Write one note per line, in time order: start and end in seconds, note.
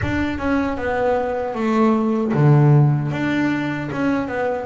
0.02 0.38 D4
0.38 0.77 C#4
0.77 1.54 B3
1.54 2.32 A3
2.33 3.11 D3
3.11 3.89 D4
3.92 4.28 C#4
4.28 4.66 B3